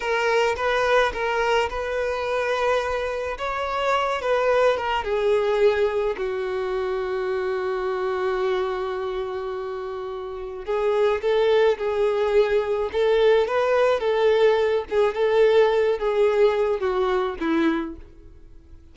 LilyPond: \new Staff \with { instrumentName = "violin" } { \time 4/4 \tempo 4 = 107 ais'4 b'4 ais'4 b'4~ | b'2 cis''4. b'8~ | b'8 ais'8 gis'2 fis'4~ | fis'1~ |
fis'2. gis'4 | a'4 gis'2 a'4 | b'4 a'4. gis'8 a'4~ | a'8 gis'4. fis'4 e'4 | }